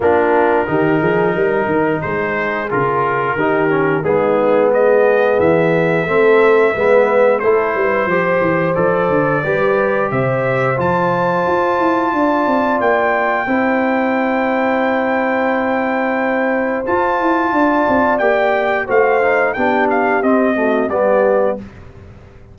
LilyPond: <<
  \new Staff \with { instrumentName = "trumpet" } { \time 4/4 \tempo 4 = 89 ais'2. c''4 | ais'2 gis'4 dis''4 | e''2. c''4~ | c''4 d''2 e''4 |
a''2. g''4~ | g''1~ | g''4 a''2 g''4 | f''4 g''8 f''8 dis''4 d''4 | }
  \new Staff \with { instrumentName = "horn" } { \time 4/4 f'4 g'8 gis'8 ais'4 gis'4~ | gis'4 g'4 dis'4 gis'4~ | gis'4 a'4 b'4 a'8 b'8 | c''2 b'4 c''4~ |
c''2 d''2 | c''1~ | c''2 d''2 | c''4 g'4. fis'8 g'4 | }
  \new Staff \with { instrumentName = "trombone" } { \time 4/4 d'4 dis'2. | f'4 dis'8 cis'8 b2~ | b4 c'4 b4 e'4 | g'4 a'4 g'2 |
f'1 | e'1~ | e'4 f'2 g'4 | fis'8 dis'8 d'4 c'8 a8 b4 | }
  \new Staff \with { instrumentName = "tuba" } { \time 4/4 ais4 dis8 f8 g8 dis8 gis4 | cis4 dis4 gis2 | e4 a4 gis4 a8 g8 | f8 e8 f8 d8 g4 c4 |
f4 f'8 e'8 d'8 c'8 ais4 | c'1~ | c'4 f'8 e'8 d'8 c'8 ais4 | a4 b4 c'4 g4 | }
>>